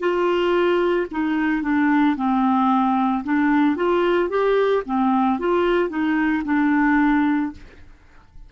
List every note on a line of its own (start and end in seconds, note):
0.00 1.07 F4
1.12 1.63 D#4
1.63 2.16 D4
2.17 3.24 C4
3.25 3.76 D4
3.76 4.30 F4
4.30 4.83 G4
4.86 5.40 C4
5.40 5.90 F4
5.90 6.43 D#4
6.45 7.52 D4